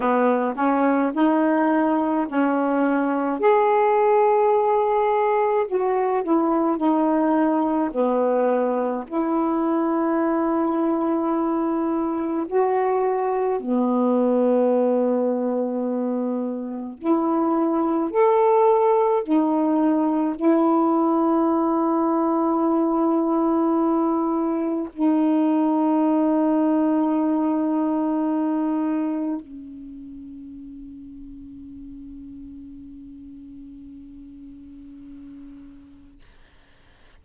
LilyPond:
\new Staff \with { instrumentName = "saxophone" } { \time 4/4 \tempo 4 = 53 b8 cis'8 dis'4 cis'4 gis'4~ | gis'4 fis'8 e'8 dis'4 b4 | e'2. fis'4 | b2. e'4 |
a'4 dis'4 e'2~ | e'2 dis'2~ | dis'2 cis'2~ | cis'1 | }